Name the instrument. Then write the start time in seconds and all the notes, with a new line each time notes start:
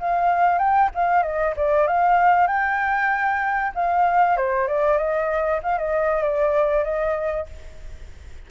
flute
0.00 F5
0.59 G5
0.95 F5
1.23 D#5
1.57 D5
1.88 F5
2.48 G5
3.75 F5
4.37 C5
4.68 D5
4.98 D#5
5.63 F5
5.78 D#5
6.23 D5
6.84 D#5